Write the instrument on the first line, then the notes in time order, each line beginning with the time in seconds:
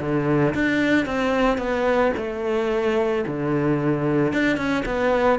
cello
0.00 D3
0.55 D4
1.06 C4
1.58 B3
2.17 A3
3.26 D3
4.33 D4
4.57 C#4
4.86 B3